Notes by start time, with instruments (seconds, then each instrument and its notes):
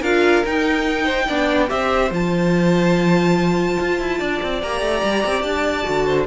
0.00 cello D4, viola F4, violin A#4 F5
0.45 viola D#4, cello D#4, violin G5
1.04 violin C5
1.27 cello B3, viola D4, violin D5
1.67 cello C4, viola G4, violin C5 E5
2.10 cello F3, viola F4, violin A5
3.80 cello F4
4.00 cello E4
4.19 cello D4, violin D5
4.42 cello C4
4.62 cello A#3, viola G4, violin A#5
4.81 cello A3
5.03 cello G3
5.25 cello C4
5.42 cello D4, violin A5
5.84 cello D3, viola F#4
6.06 violin C5